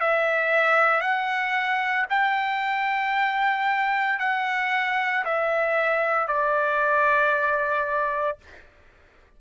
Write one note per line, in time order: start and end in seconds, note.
0.00 1.01 E5
1.01 2.06 F#5
2.10 4.19 G5
4.19 5.24 F#5
5.25 6.27 E5
6.27 8.38 D5